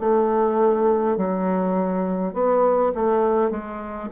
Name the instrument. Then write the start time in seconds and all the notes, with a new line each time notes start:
bassoon
0.00 A3
1.17 F#3
2.33 B3
2.95 A3
3.50 G#3